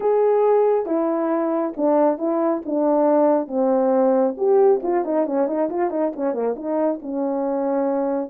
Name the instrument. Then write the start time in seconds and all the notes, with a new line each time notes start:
horn
0.00 G#4
0.86 E4
1.76 D4
2.18 E4
2.65 D4
3.47 C4
4.37 G4
4.83 F4
5.04 D#4
5.26 C#4
5.47 D#4
5.69 F4
5.90 D#4
6.16 C#4
6.33 A#3
6.56 D#4
7.02 C#4